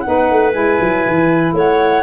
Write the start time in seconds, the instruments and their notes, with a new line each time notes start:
0.00 saxophone D#4, flute F#5
0.06 tuba B3, clarinet B4
0.30 tuba A3
0.52 tuba G#3, saxophone E4, flute G#5
0.80 tuba F#3
1.06 tuba E3
1.52 tuba A3, clarinet C#5, flute F#5